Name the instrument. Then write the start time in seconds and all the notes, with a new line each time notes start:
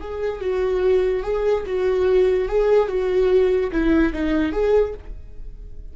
viola
0.00 G#4
0.40 F#4
1.23 G#4
1.66 F#4
2.48 G#4
2.88 F#4
3.71 E4
4.13 D#4
4.52 G#4